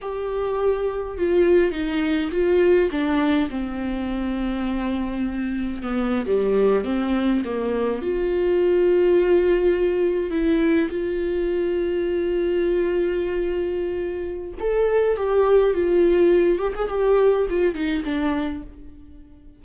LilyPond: \new Staff \with { instrumentName = "viola" } { \time 4/4 \tempo 4 = 103 g'2 f'4 dis'4 | f'4 d'4 c'2~ | c'2 b8. g4 c'16~ | c'8. ais4 f'2~ f'16~ |
f'4.~ f'16 e'4 f'4~ f'16~ | f'1~ | f'4 a'4 g'4 f'4~ | f'8 g'16 gis'16 g'4 f'8 dis'8 d'4 | }